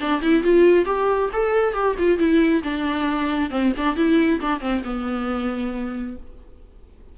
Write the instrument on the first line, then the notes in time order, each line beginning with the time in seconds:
viola
0.00 D4
0.21 E4
0.43 F4
0.85 G4
1.33 A4
1.73 G4
1.98 F4
2.18 E4
2.63 D4
3.50 C4
3.77 D4
3.96 E4
4.40 D4
4.60 C4
4.84 B3